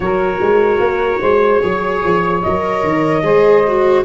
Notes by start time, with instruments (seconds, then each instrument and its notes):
0.00 tuba F#3, viola F#4, saxophone A#4, trumpet C#5
0.40 tuba G#3
0.79 tuba A#3
1.20 tuba G#3, saxophone C5
1.61 tuba F#3, viola G#4, saxophone C#5
2.04 tuba F3
2.42 tuba F#3, viola A#4, trumpet D#5
2.83 tuba D#3
3.22 tuba G#3, viola G#4, saxophone C5
3.67 viola F#4